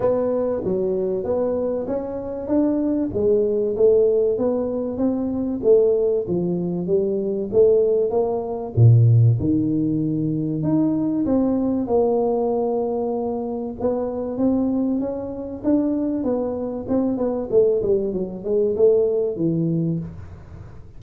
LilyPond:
\new Staff \with { instrumentName = "tuba" } { \time 4/4 \tempo 4 = 96 b4 fis4 b4 cis'4 | d'4 gis4 a4 b4 | c'4 a4 f4 g4 | a4 ais4 ais,4 dis4~ |
dis4 dis'4 c'4 ais4~ | ais2 b4 c'4 | cis'4 d'4 b4 c'8 b8 | a8 g8 fis8 gis8 a4 e4 | }